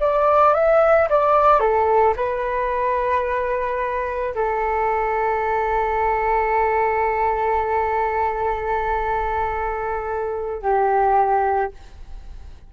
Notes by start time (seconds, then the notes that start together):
0.00 D5
0.54 E5
1.10 D5
1.60 A4
2.16 B4
4.35 A4
10.62 G4